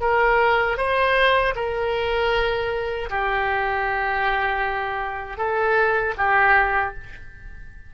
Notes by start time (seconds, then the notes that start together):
0.00 A#4
0.77 C5
1.55 A#4
3.09 G4
5.37 A4
6.17 G4